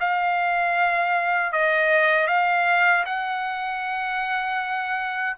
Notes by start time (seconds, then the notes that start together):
0.00 F5
1.52 D#5
2.28 F5
3.06 F#5